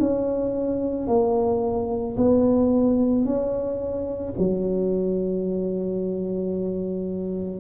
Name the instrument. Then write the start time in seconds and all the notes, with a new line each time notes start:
tuba
0.00 C#4
1.07 A#3
2.17 B3
3.25 C#4
4.38 F#3